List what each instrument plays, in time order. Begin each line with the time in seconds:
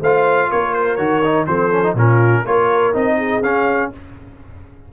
0.00 tuba A3, trombone F4, horn C5, trumpet F5
0.49 tuba A#3, horn A#4, trumpet C#5
0.73 trumpet C5
0.95 tuba D#3, trombone F#4, trumpet C#5
1.24 trombone D#4
1.46 tuba F3, trombone C4, horn A4, trumpet C5
1.71 trombone C#4
1.83 trombone D#4
1.94 tuba A#2, trombone C#4, horn F4, trumpet A#4
2.42 tuba A#3, trombone F4, horn A#4, trumpet C#5
2.93 tuba C4, trombone D#4, trumpet D#5
3.17 horn G#4
3.42 tuba C#4, trombone C#4, trumpet F5